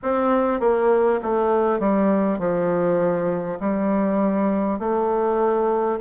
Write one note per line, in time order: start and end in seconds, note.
0.02 0.60 C4
0.60 1.20 A#3
1.22 1.79 A3
1.79 2.38 G3
2.38 3.58 F3
3.59 4.79 G3
4.79 5.99 A3